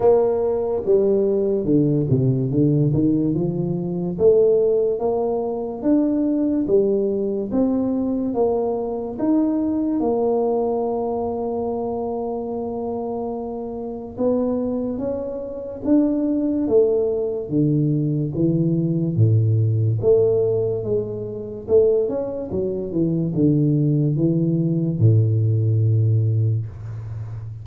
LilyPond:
\new Staff \with { instrumentName = "tuba" } { \time 4/4 \tempo 4 = 72 ais4 g4 d8 c8 d8 dis8 | f4 a4 ais4 d'4 | g4 c'4 ais4 dis'4 | ais1~ |
ais4 b4 cis'4 d'4 | a4 d4 e4 a,4 | a4 gis4 a8 cis'8 fis8 e8 | d4 e4 a,2 | }